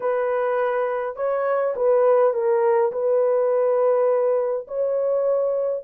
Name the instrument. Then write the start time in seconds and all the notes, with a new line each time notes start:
horn
0.00 B4
1.16 C#5
1.76 B4
2.33 A#4
2.92 B4
4.67 C#5